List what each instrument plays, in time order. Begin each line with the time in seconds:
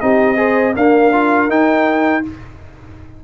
0.00 tuba C4, trombone D#4, horn G4, trumpet D#5
0.37 trombone G#4, horn C5
0.75 trombone A#3, tuba D4, horn A#4, trumpet F5
1.12 trombone F4
1.48 tuba D#4, trombone D#4, trumpet G5